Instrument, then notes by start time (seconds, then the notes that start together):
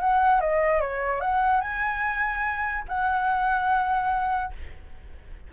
flute
0.00 F#5
0.41 D#5
0.81 C#5
1.21 F#5
1.61 G#5
2.88 F#5